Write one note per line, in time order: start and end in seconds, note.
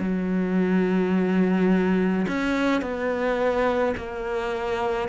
0.00 2.26 F#3
2.28 2.81 C#4
2.81 3.95 B3
3.97 5.08 A#3